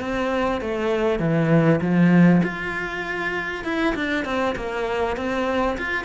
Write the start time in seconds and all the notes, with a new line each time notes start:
0.00 C4
0.61 A3
1.19 E3
1.81 F3
2.42 F4
3.64 E4
3.95 D4
4.25 C4
4.56 A#3
5.17 C4
5.78 F4